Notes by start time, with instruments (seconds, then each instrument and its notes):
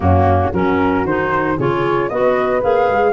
0.00 tuba F#2, clarinet A#3, horn C#4, flute F#4
0.53 tuba F#3, clarinet C#4, horn F#4, flute A#4
1.04 tuba D#3, clarinet D#4, flute C5
1.57 tuba C#3, clarinet F4, horn G#4, flute C#5
2.08 tuba B3, clarinet F#4, horn B4, flute D#5
2.61 tuba A#3, clarinet G#4, flute F5
2.87 tuba G#3